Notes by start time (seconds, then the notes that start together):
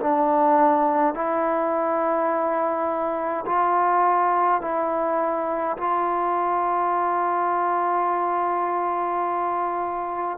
0.00 D4
1.14 E4
3.46 F4
4.61 E4
5.77 F4